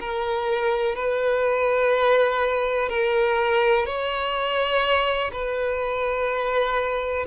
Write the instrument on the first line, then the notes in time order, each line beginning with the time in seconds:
violin
0.00 A#4
0.95 B4
2.89 A#4
3.86 C#5
5.32 B4